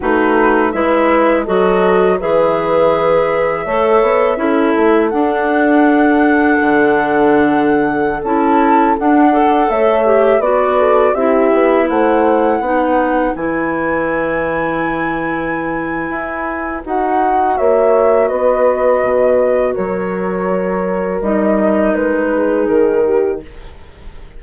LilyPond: <<
  \new Staff \with { instrumentName = "flute" } { \time 4/4 \tempo 4 = 82 b'4 e''4 dis''4 e''4~ | e''2. fis''4~ | fis''2.~ fis''16 a''8.~ | a''16 fis''4 e''4 d''4 e''8.~ |
e''16 fis''2 gis''4.~ gis''16~ | gis''2. fis''4 | e''4 dis''2 cis''4~ | cis''4 dis''4 b'4 ais'4 | }
  \new Staff \with { instrumentName = "horn" } { \time 4/4 fis'4 b'4 a'4 b'4~ | b'4 cis''4 a'2~ | a'1~ | a'8. d''8 cis''4 b'8 a'8 g'8.~ |
g'16 c''4 b'2~ b'8.~ | b'1 | cis''4 b'2 ais'4~ | ais'2~ ais'8 gis'4 g'8 | }
  \new Staff \with { instrumentName = "clarinet" } { \time 4/4 dis'4 e'4 fis'4 gis'4~ | gis'4 a'4 e'4 d'4~ | d'2.~ d'16 e'8.~ | e'16 d'8 a'4 g'8 fis'4 e'8.~ |
e'4~ e'16 dis'4 e'4.~ e'16~ | e'2. fis'4~ | fis'1~ | fis'4 dis'2. | }
  \new Staff \with { instrumentName = "bassoon" } { \time 4/4 a4 gis4 fis4 e4~ | e4 a8 b8 cis'8 a8 d'4~ | d'4 d2~ d16 cis'8.~ | cis'16 d'4 a4 b4 c'8 b16~ |
b16 a4 b4 e4.~ e16~ | e2 e'4 dis'4 | ais4 b4 b,4 fis4~ | fis4 g4 gis4 dis4 | }
>>